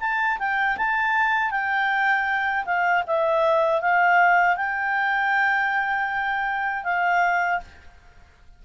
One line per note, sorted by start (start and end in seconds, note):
0.00 0.38 A5
0.38 0.76 G5
0.77 1.51 A5
1.51 2.64 G5
2.65 3.03 F5
3.07 3.81 E5
3.81 4.56 F5
4.56 6.84 G5
6.84 7.59 F5